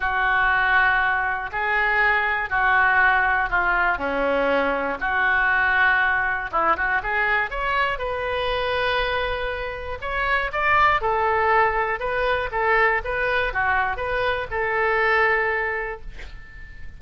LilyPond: \new Staff \with { instrumentName = "oboe" } { \time 4/4 \tempo 4 = 120 fis'2. gis'4~ | gis'4 fis'2 f'4 | cis'2 fis'2~ | fis'4 e'8 fis'8 gis'4 cis''4 |
b'1 | cis''4 d''4 a'2 | b'4 a'4 b'4 fis'4 | b'4 a'2. | }